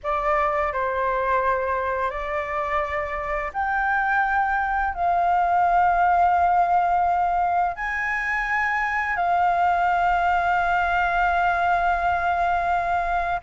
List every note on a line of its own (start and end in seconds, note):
0.03 0.72 D5
0.72 2.10 C5
2.10 3.51 D5
3.53 4.94 G5
4.94 7.76 F5
7.76 9.16 G#5
9.16 13.40 F5